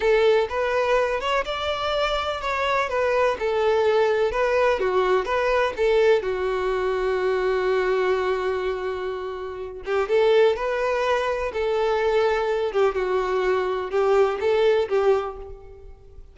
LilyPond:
\new Staff \with { instrumentName = "violin" } { \time 4/4 \tempo 4 = 125 a'4 b'4. cis''8 d''4~ | d''4 cis''4 b'4 a'4~ | a'4 b'4 fis'4 b'4 | a'4 fis'2.~ |
fis'1~ | fis'8 g'8 a'4 b'2 | a'2~ a'8 g'8 fis'4~ | fis'4 g'4 a'4 g'4 | }